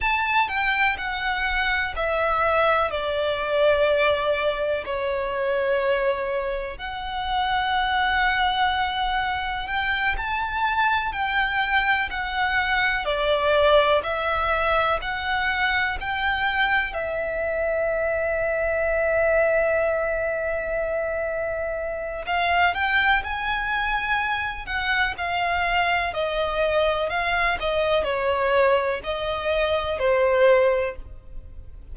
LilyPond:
\new Staff \with { instrumentName = "violin" } { \time 4/4 \tempo 4 = 62 a''8 g''8 fis''4 e''4 d''4~ | d''4 cis''2 fis''4~ | fis''2 g''8 a''4 g''8~ | g''8 fis''4 d''4 e''4 fis''8~ |
fis''8 g''4 e''2~ e''8~ | e''2. f''8 g''8 | gis''4. fis''8 f''4 dis''4 | f''8 dis''8 cis''4 dis''4 c''4 | }